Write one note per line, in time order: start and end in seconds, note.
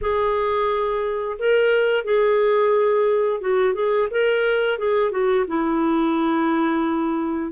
0.01 1.37 G#4
1.38 2.04 A#4
2.04 3.40 G#4
3.41 3.74 F#4
3.74 4.08 G#4
4.10 4.78 A#4
4.78 5.11 G#4
5.11 5.45 F#4
5.47 7.52 E4